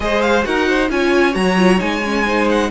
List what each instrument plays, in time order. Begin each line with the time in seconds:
0.00 cello G#3, viola G#4, violin C5 D#5
0.21 violin F5
0.43 cello D#4, viola F#4, violin A#4 F#5
0.68 violin C5
0.90 cello C#4, viola F4, violin C#5 G#5
1.33 cello F#3, viola F#4, violin A#5
1.57 viola F4
1.78 cello G#3, viola D#4, violin G#5
2.03 viola C#4
2.25 viola D#4, violin C5
2.49 violin F#5